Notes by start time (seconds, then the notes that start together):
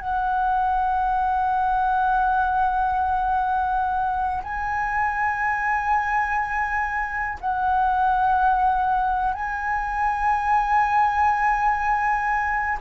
0.00 F#5
4.43 G#5
7.41 F#5
9.34 G#5